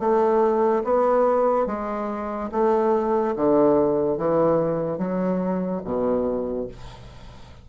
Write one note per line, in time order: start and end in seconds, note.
0.00 0.83 A3
0.84 1.67 B3
1.67 2.50 G#3
2.52 3.35 A3
3.36 4.18 D3
4.18 4.98 E3
4.98 5.82 F#3
5.85 6.68 B2